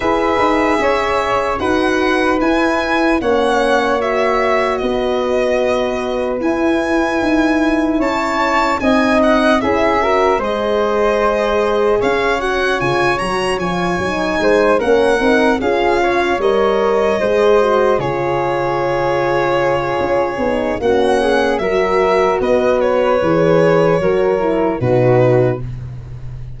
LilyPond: <<
  \new Staff \with { instrumentName = "violin" } { \time 4/4 \tempo 4 = 75 e''2 fis''4 gis''4 | fis''4 e''4 dis''2 | gis''2 a''4 gis''8 fis''8 | e''4 dis''2 f''8 fis''8 |
gis''8 ais''8 gis''4. fis''4 f''8~ | f''8 dis''2 cis''4.~ | cis''2 fis''4 e''4 | dis''8 cis''2~ cis''8 b'4 | }
  \new Staff \with { instrumentName = "flute" } { \time 4/4 b'4 cis''4 b'2 | cis''2 b'2~ | b'2 cis''4 dis''4 | gis'8 ais'8 c''2 cis''4~ |
cis''2 c''8 ais'4 gis'8 | cis''4. c''4 gis'4.~ | gis'2 fis'8 gis'8 ais'4 | b'2 ais'4 fis'4 | }
  \new Staff \with { instrumentName = "horn" } { \time 4/4 gis'2 fis'4 e'4 | cis'4 fis'2. | e'2. dis'4 | e'8 fis'8 gis'2~ gis'8 fis'8 |
f'8 fis'8 f'8 dis'4 cis'8 dis'8 f'8~ | f'8 ais'4 gis'8 fis'8 f'4.~ | f'4. dis'8 cis'4 fis'4~ | fis'4 gis'4 fis'8 e'8 dis'4 | }
  \new Staff \with { instrumentName = "tuba" } { \time 4/4 e'8 dis'8 cis'4 dis'4 e'4 | ais2 b2 | e'4 dis'4 cis'4 c'4 | cis'4 gis2 cis'4 |
cis8 fis8 f8 fis8 gis8 ais8 c'8 cis'8~ | cis'8 g4 gis4 cis4.~ | cis4 cis'8 b8 ais4 fis4 | b4 e4 fis4 b,4 | }
>>